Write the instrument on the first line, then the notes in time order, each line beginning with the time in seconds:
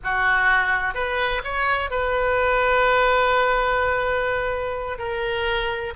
oboe
0.03 F#4
0.94 B4
1.44 C#5
1.90 B4
4.98 A#4